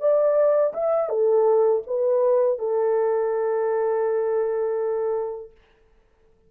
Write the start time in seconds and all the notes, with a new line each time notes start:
0.00 D5
0.74 E5
1.09 A4
1.87 B4
2.59 A4